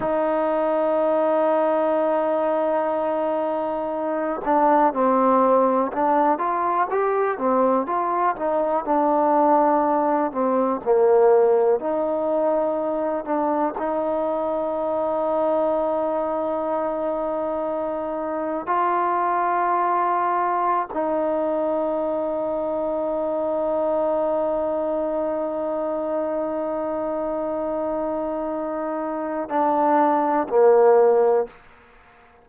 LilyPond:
\new Staff \with { instrumentName = "trombone" } { \time 4/4 \tempo 4 = 61 dis'1~ | dis'8 d'8 c'4 d'8 f'8 g'8 c'8 | f'8 dis'8 d'4. c'8 ais4 | dis'4. d'8 dis'2~ |
dis'2. f'4~ | f'4~ f'16 dis'2~ dis'8.~ | dis'1~ | dis'2 d'4 ais4 | }